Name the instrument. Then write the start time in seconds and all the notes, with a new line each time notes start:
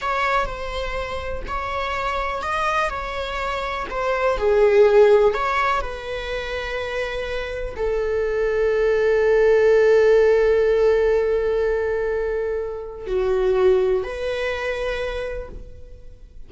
viola
0.01 C#5
0.45 C5
1.47 C#5
2.42 D#5
2.89 C#5
3.90 C5
4.37 G#4
5.34 C#5
5.81 B4
7.76 A4
13.06 F#4
14.03 B4